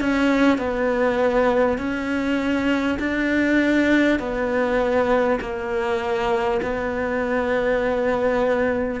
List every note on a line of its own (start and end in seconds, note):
0.00 0.57 C#4
0.57 1.77 B3
1.77 2.97 C#4
2.99 4.19 D4
4.19 5.39 B3
5.40 6.60 A#3
6.62 9.00 B3